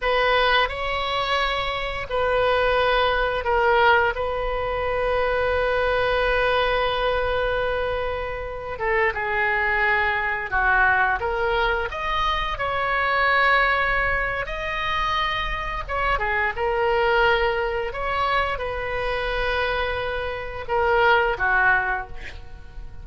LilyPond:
\new Staff \with { instrumentName = "oboe" } { \time 4/4 \tempo 4 = 87 b'4 cis''2 b'4~ | b'4 ais'4 b'2~ | b'1~ | b'8. a'8 gis'2 fis'8.~ |
fis'16 ais'4 dis''4 cis''4.~ cis''16~ | cis''4 dis''2 cis''8 gis'8 | ais'2 cis''4 b'4~ | b'2 ais'4 fis'4 | }